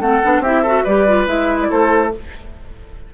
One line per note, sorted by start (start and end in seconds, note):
0.00 0.21 A3
0.00 0.22 C4
0.00 0.41 A4
0.00 0.42 F#5
0.22 0.39 B3
0.22 0.43 D4
0.39 0.81 C4
0.39 0.65 E4
0.39 0.62 G4
0.39 0.85 E5
0.62 0.87 F#4
0.62 0.83 A4
0.83 1.26 G3
0.83 1.07 G4
0.83 1.67 B4
0.83 1.26 D5
1.07 1.27 F4
1.26 1.68 G#3
1.26 2.11 E4
1.26 1.59 E5
1.61 1.70 D5
1.70 2.14 A3
1.70 2.12 A4
1.70 2.12 C5